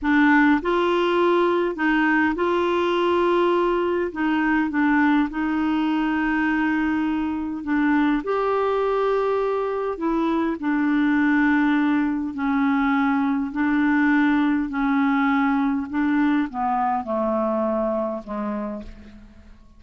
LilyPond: \new Staff \with { instrumentName = "clarinet" } { \time 4/4 \tempo 4 = 102 d'4 f'2 dis'4 | f'2. dis'4 | d'4 dis'2.~ | dis'4 d'4 g'2~ |
g'4 e'4 d'2~ | d'4 cis'2 d'4~ | d'4 cis'2 d'4 | b4 a2 gis4 | }